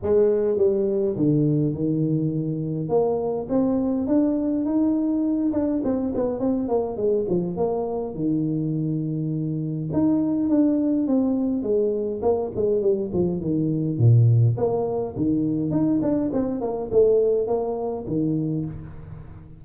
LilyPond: \new Staff \with { instrumentName = "tuba" } { \time 4/4 \tempo 4 = 103 gis4 g4 d4 dis4~ | dis4 ais4 c'4 d'4 | dis'4. d'8 c'8 b8 c'8 ais8 | gis8 f8 ais4 dis2~ |
dis4 dis'4 d'4 c'4 | gis4 ais8 gis8 g8 f8 dis4 | ais,4 ais4 dis4 dis'8 d'8 | c'8 ais8 a4 ais4 dis4 | }